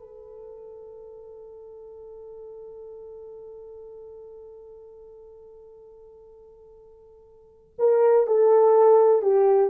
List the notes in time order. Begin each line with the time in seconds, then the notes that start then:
0.00 A4
7.79 A#4
8.27 A4
9.22 G4